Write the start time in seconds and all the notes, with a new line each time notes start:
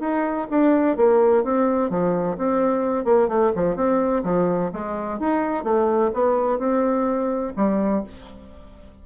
0.00 D#4
0.50 D4
0.97 A#3
1.44 C4
1.90 F3
2.38 C4
3.05 A#3
3.28 A3
3.56 F3
3.76 C4
4.24 F3
4.73 G#3
5.20 D#4
5.64 A3
6.13 B3
6.59 C4
7.56 G3